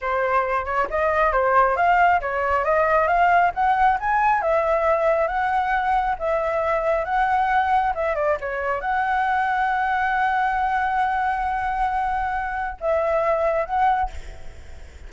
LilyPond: \new Staff \with { instrumentName = "flute" } { \time 4/4 \tempo 4 = 136 c''4. cis''8 dis''4 c''4 | f''4 cis''4 dis''4 f''4 | fis''4 gis''4 e''2 | fis''2 e''2 |
fis''2 e''8 d''8 cis''4 | fis''1~ | fis''1~ | fis''4 e''2 fis''4 | }